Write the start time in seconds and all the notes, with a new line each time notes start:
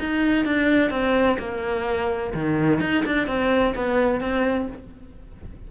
0.00 D#4
0.46 D4
0.91 C4
1.39 A#3
2.35 D#3
2.81 D#4
3.06 D4
3.28 C4
3.76 B3
4.21 C4